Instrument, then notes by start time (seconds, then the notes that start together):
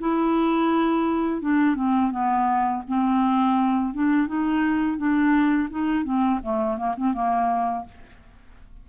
clarinet
0.00 E4
1.42 D4
1.76 C4
2.11 B3
2.88 C4
3.94 D4
4.28 D#4
4.98 D4
5.70 D#4
6.05 C4
6.43 A3
6.78 A#3
6.97 C4
7.14 A#3